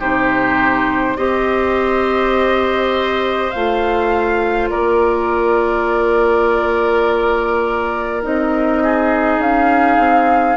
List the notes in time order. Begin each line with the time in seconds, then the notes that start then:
0.00 C3 D#4 G4 C5
1.17 C4 G4 C5 D#5
3.51 A3 F4 F5
4.70 A#3 A#4 D5
8.23 C4 D#4 D#5
8.83 G#4
9.38 C#4 F5
9.98 C4